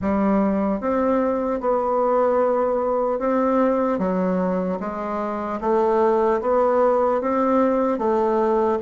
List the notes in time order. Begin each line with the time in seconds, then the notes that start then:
0.01 G3
0.80 C4
1.60 B3
3.19 C4
3.99 F#3
4.80 G#3
5.60 A3
6.41 B3
7.21 C4
7.98 A3